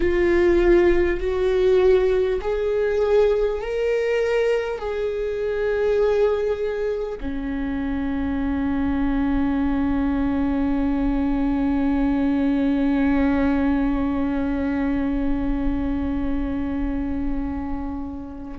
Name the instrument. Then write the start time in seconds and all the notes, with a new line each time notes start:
viola
0.00 F4
1.20 F#4
2.41 G#4
3.61 A#4
4.78 G#4
7.20 C#4